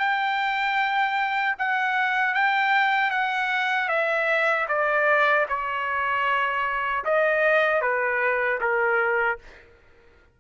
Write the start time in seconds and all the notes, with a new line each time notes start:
0.00 G5
1.59 F#5
2.34 G5
3.11 F#5
3.89 E5
4.69 D5
5.49 C#5
7.05 D#5
7.82 B4
8.61 A#4